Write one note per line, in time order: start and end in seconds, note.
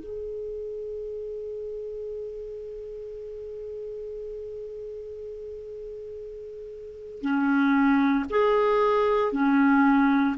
0.00 7.21 G#4
7.21 8.25 C#4
8.30 9.32 G#4
9.32 10.36 C#4